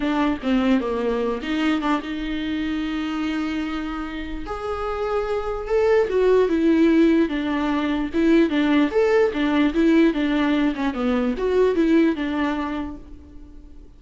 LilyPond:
\new Staff \with { instrumentName = "viola" } { \time 4/4 \tempo 4 = 148 d'4 c'4 ais4. dis'8~ | dis'8 d'8 dis'2.~ | dis'2. gis'4~ | gis'2 a'4 fis'4 |
e'2 d'2 | e'4 d'4 a'4 d'4 | e'4 d'4. cis'8 b4 | fis'4 e'4 d'2 | }